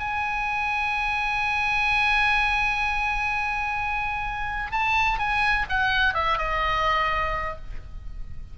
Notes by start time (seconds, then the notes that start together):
0.00 G#5
4.72 A5
5.19 G#5
5.70 F#5
6.15 E5
6.38 D#5